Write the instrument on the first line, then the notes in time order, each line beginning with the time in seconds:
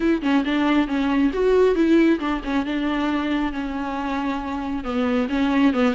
viola
0.00 E4
0.21 C#4
0.44 D4
0.87 C#4
1.33 F#4
1.75 E4
2.19 D4
2.43 C#4
2.65 D4
3.52 C#4
4.83 B3
5.29 C#4
5.73 B3